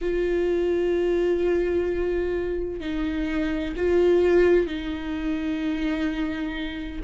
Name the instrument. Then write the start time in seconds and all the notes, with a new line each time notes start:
viola
0.01 F4
2.80 D#4
3.76 F4
4.66 D#4